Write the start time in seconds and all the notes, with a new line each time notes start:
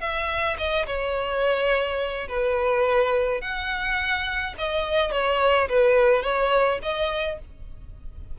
0.00 E5
0.58 D#5
0.86 C#5
2.28 B4
3.41 F#5
4.57 D#5
5.11 C#5
5.69 B4
6.22 C#5
6.82 D#5